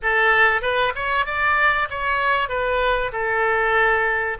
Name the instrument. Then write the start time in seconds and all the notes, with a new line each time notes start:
oboe
0.02 A4
0.61 B4
0.95 C#5
1.25 D5
1.89 C#5
2.49 B4
3.12 A4